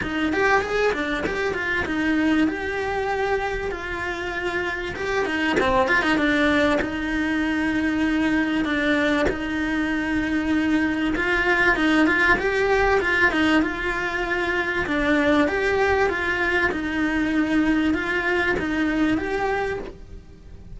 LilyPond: \new Staff \with { instrumentName = "cello" } { \time 4/4 \tempo 4 = 97 dis'8 g'8 gis'8 d'8 g'8 f'8 dis'4 | g'2 f'2 | g'8 dis'8 c'8 f'16 dis'16 d'4 dis'4~ | dis'2 d'4 dis'4~ |
dis'2 f'4 dis'8 f'8 | g'4 f'8 dis'8 f'2 | d'4 g'4 f'4 dis'4~ | dis'4 f'4 dis'4 g'4 | }